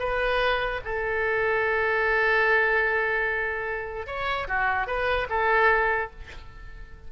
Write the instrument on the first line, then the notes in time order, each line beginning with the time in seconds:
oboe
0.00 B4
0.85 A4
4.07 C#5
4.48 F#4
4.88 B4
5.30 A4